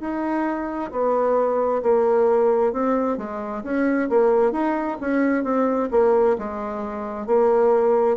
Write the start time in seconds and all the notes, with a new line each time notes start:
0.00 D#4
0.91 B3
1.82 A#3
2.72 C4
3.17 G#3
3.63 C#4
4.09 A#3
4.52 D#4
5.00 C#4
5.43 C4
5.91 A#3
6.38 G#3
7.26 A#3